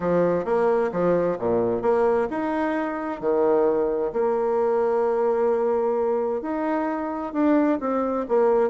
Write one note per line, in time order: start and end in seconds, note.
0.00 0.45 F3
0.45 0.90 A#3
0.92 1.38 F3
1.38 1.82 A#2
1.82 2.28 A#3
2.30 3.20 D#4
3.20 4.12 D#3
4.12 6.41 A#3
6.41 7.33 D#4
7.33 7.79 D4
7.80 8.25 C4
8.28 8.70 A#3